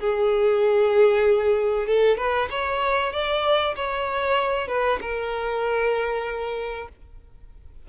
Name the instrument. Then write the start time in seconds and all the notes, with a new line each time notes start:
violin
0.00 G#4
1.87 A4
2.17 B4
2.50 C#5
3.12 D5
3.76 C#5
4.68 B4
5.01 A#4